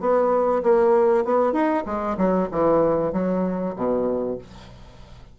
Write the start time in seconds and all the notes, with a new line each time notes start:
0.00 B3
0.63 A#3
1.25 B3
1.53 D#4
1.86 G#3
2.17 F#3
2.51 E3
3.12 F#3
3.76 B2